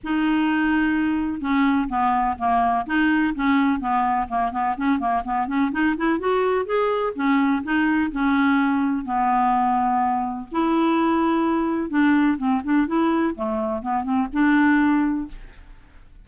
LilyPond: \new Staff \with { instrumentName = "clarinet" } { \time 4/4 \tempo 4 = 126 dis'2. cis'4 | b4 ais4 dis'4 cis'4 | b4 ais8 b8 cis'8 ais8 b8 cis'8 | dis'8 e'8 fis'4 gis'4 cis'4 |
dis'4 cis'2 b4~ | b2 e'2~ | e'4 d'4 c'8 d'8 e'4 | a4 b8 c'8 d'2 | }